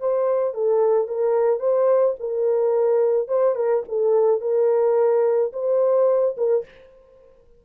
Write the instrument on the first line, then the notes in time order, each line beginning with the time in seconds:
horn
0.00 C5
0.54 A4
1.08 A#4
1.60 C5
2.19 A#4
3.28 C5
3.55 A#4
3.89 A4
4.41 A#4
5.53 C5
6.37 A#4